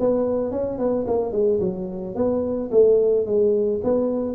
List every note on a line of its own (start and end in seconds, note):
0.00 0.52 B3
0.52 0.79 C#4
0.79 1.06 B3
1.07 1.32 A#3
1.32 1.60 G#3
1.60 2.15 F#3
2.15 2.70 B3
2.71 3.26 A3
3.26 3.81 G#3
3.84 4.36 B3